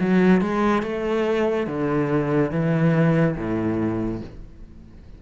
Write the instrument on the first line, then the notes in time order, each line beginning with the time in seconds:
cello
0.00 F#3
0.41 G#3
0.83 A3
1.67 D3
2.51 E3
3.36 A2